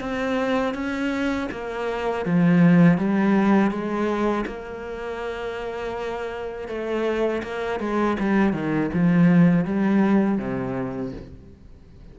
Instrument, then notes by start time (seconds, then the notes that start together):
cello
0.00 C4
0.74 C#4
1.51 A#3
2.25 F3
2.98 G3
3.71 G#3
4.46 A#3
6.68 A3
7.43 A#3
7.80 G#3
8.19 G3
8.53 D#3
8.93 F3
9.65 G3
10.38 C3